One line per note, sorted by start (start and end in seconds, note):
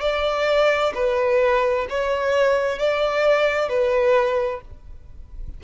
0.00 0.92 D5
0.94 1.86 B4
1.89 2.78 C#5
2.78 3.68 D5
3.68 4.61 B4